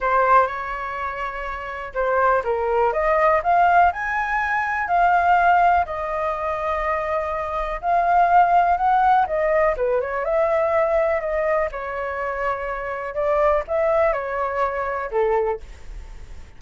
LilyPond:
\new Staff \with { instrumentName = "flute" } { \time 4/4 \tempo 4 = 123 c''4 cis''2. | c''4 ais'4 dis''4 f''4 | gis''2 f''2 | dis''1 |
f''2 fis''4 dis''4 | b'8 cis''8 e''2 dis''4 | cis''2. d''4 | e''4 cis''2 a'4 | }